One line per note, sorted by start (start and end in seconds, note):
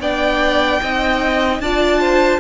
0.00 0.80 B3
0.00 0.82 D4
0.00 0.81 D5
0.00 1.61 G5
0.82 1.60 C4
0.82 1.63 D#4
0.82 1.62 D#5
1.60 2.40 D4
1.60 2.40 F4
1.60 2.00 D5
1.60 2.40 A5
2.00 2.40 C5